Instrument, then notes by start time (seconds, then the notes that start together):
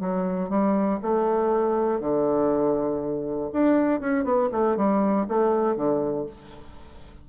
bassoon
0.00 F#3
0.49 G3
1.02 A3
2.00 D3
3.52 D4
4.00 C#4
4.24 B3
4.51 A3
4.76 G3
5.28 A3
5.75 D3